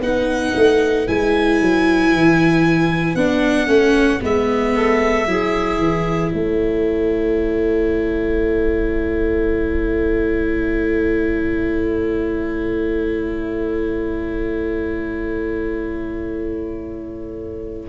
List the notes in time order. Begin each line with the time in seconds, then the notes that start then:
0.00 B3 D#4 B4 F#5
0.55 A3
1.07 G#3 E4 G#5
1.61 F#3
2.13 E3
3.15 B3 D4 F#5
3.66 A3 C#4
4.20 G#3 B3 E5
4.74 A4
5.26 F#3 E4 G#4
5.78 E3
6.32 A3 A4 C#5